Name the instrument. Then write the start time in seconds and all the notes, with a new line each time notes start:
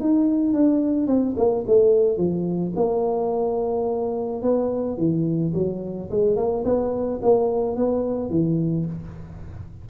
tuba
0.00 D#4
0.53 D4
1.07 C4
1.37 A#3
1.67 A3
2.17 F3
2.75 A#3
4.42 B3
4.97 E3
5.54 F#3
6.10 G#3
6.36 A#3
6.64 B3
7.22 A#3
7.76 B3
8.29 E3